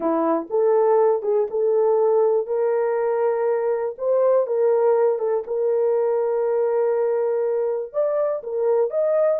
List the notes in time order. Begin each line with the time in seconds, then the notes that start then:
0.00 E4
0.50 A4
1.22 G#4
1.50 A4
2.47 A#4
3.97 C5
4.46 A#4
5.18 A4
5.46 A#4
7.92 D5
8.43 A#4
8.90 D#5